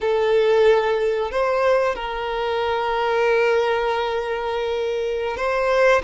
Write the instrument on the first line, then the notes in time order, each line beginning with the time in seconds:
violin
0.00 A4
1.31 C5
1.95 A#4
5.36 C5